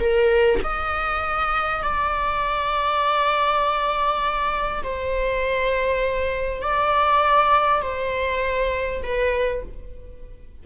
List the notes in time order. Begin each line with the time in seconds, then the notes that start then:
0.00 A#4
0.64 D#5
1.83 D5
4.84 C5
6.62 D5
7.82 C5
9.03 B4